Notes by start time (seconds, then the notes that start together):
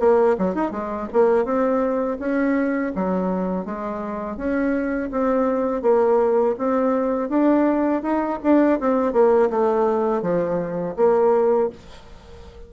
0.00 A#3
0.38 F#3
0.55 D#4
0.71 G#3
1.13 A#3
1.45 C4
2.20 C#4
2.95 F#3
3.65 G#3
4.37 C#4
5.11 C4
5.82 A#3
6.58 C4
7.29 D4
8.03 D#4
8.43 D4
8.80 C4
9.13 A#3
9.50 A3
10.22 F3
10.97 A#3